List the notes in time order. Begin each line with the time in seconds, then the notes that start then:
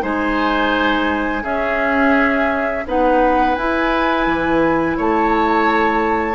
0.00 G#3 D#4 C5 G#5
1.43 C#4 G#4 E5
2.86 B3 D#4 B4 F#5
3.55 E4 G#5
4.26 E3
4.97 A3 C#5 A5